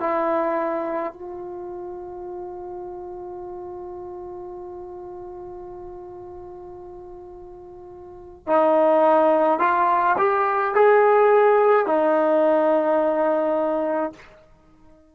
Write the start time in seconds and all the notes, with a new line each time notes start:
0.00 E4
1.13 F4
8.47 D#4
9.60 F4
10.18 G4
10.74 G#4
11.86 D#4